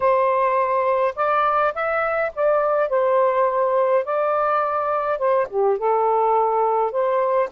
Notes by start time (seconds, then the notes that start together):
0.00 C5
1.15 D5
1.74 E5
2.35 D5
2.89 C5
4.05 D5
5.18 C5
5.49 G4
5.77 A4
6.91 C5